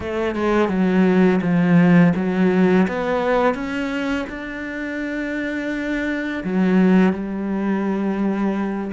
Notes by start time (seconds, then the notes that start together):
0.00 A3
0.35 G#3
0.69 F#3
1.41 F3
2.15 F#3
2.88 B3
3.54 C#4
4.29 D4
6.44 F#3
7.12 G3